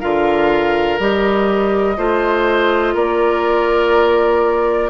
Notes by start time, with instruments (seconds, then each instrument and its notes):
0.00 bassoon D3, clarinet F4, oboe A#4, flute F5
0.99 bassoon G3, clarinet G4, flute D#5
1.96 bassoon A3, clarinet F4, oboe C5
2.94 bassoon A#3, oboe A#4, flute D5